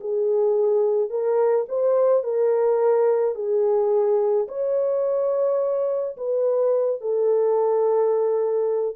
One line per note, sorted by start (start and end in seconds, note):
0.00 1.10 G#4
1.10 1.66 A#4
1.68 2.23 C5
2.23 3.35 A#4
3.35 4.47 G#4
4.48 6.16 C#5
6.17 7.01 B4
7.01 8.96 A4